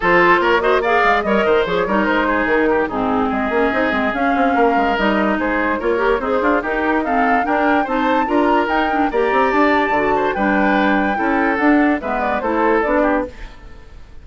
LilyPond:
<<
  \new Staff \with { instrumentName = "flute" } { \time 4/4 \tempo 4 = 145 c''4 cis''8 dis''8 f''4 dis''4 | cis''4 c''4 ais'4 gis'4 | dis''2 f''2 | dis''4 c''4 cis''4 c''4 |
ais'4 f''4 g''4 a''4 | ais''4 g''4 ais''4 a''4~ | a''4 g''2. | fis''4 e''8 d''8 c''4 d''4 | }
  \new Staff \with { instrumentName = "oboe" } { \time 4/4 a'4 ais'8 c''8 d''4 cis''8 c''8~ | c''8 ais'4 gis'4 g'8 dis'4 | gis'2. ais'4~ | ais'4 gis'4 ais'4 dis'8 f'8 |
g'4 a'4 ais'4 c''4 | ais'2 d''2~ | d''8 c''8 b'2 a'4~ | a'4 b'4 a'4. g'8 | }
  \new Staff \with { instrumentName = "clarinet" } { \time 4/4 f'4. fis'8 gis'4 ais'4 | gis'8 dis'2~ dis'8 c'4~ | c'8 cis'8 dis'8 c'8 cis'2 | dis'2 f'8 g'8 gis'4 |
dis'4 c'4 d'4 dis'4 | f'4 dis'8 d'8 g'2 | fis'4 d'2 e'4 | d'4 b4 e'4 d'4 | }
  \new Staff \with { instrumentName = "bassoon" } { \time 4/4 f4 ais4. gis8 g8 dis8 | f8 g8 gis4 dis4 gis,4 | gis8 ais8 c'8 gis8 cis'8 c'8 ais8 gis8 | g4 gis4 ais4 c'8 d'8 |
dis'2 d'4 c'4 | d'4 dis'4 ais8 c'8 d'4 | d4 g2 cis'4 | d'4 gis4 a4 b4 | }
>>